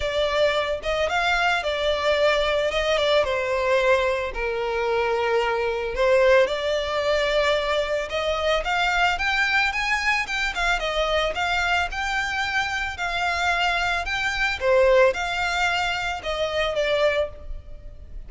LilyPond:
\new Staff \with { instrumentName = "violin" } { \time 4/4 \tempo 4 = 111 d''4. dis''8 f''4 d''4~ | d''4 dis''8 d''8 c''2 | ais'2. c''4 | d''2. dis''4 |
f''4 g''4 gis''4 g''8 f''8 | dis''4 f''4 g''2 | f''2 g''4 c''4 | f''2 dis''4 d''4 | }